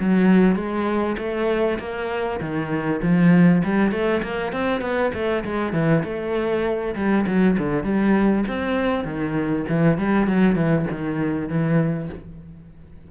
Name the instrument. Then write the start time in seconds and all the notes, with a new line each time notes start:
cello
0.00 F#3
0.56 G#3
1.18 A3
1.80 A#3
2.40 D#3
3.02 F3
3.64 G3
3.92 A3
4.23 A#3
4.53 C4
4.82 B3
5.14 A3
5.45 G#3
5.73 E3
6.04 A3
6.96 G3
7.27 F#3
7.59 D3
7.84 G3
8.48 C4
9.05 D#3
9.69 E3
9.98 G3
10.28 F#3
10.56 E3
10.92 D#3
11.49 E3